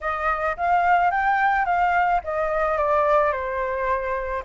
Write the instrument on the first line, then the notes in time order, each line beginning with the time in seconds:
flute
0.00 D#5
0.56 F5
1.10 G5
1.65 F5
2.24 D#5
2.77 D5
3.32 C5